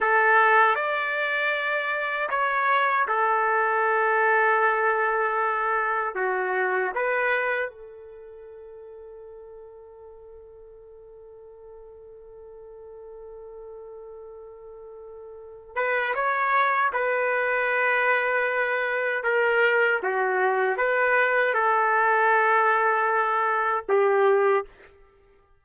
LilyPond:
\new Staff \with { instrumentName = "trumpet" } { \time 4/4 \tempo 4 = 78 a'4 d''2 cis''4 | a'1 | fis'4 b'4 a'2~ | a'1~ |
a'1~ | a'8 b'8 cis''4 b'2~ | b'4 ais'4 fis'4 b'4 | a'2. g'4 | }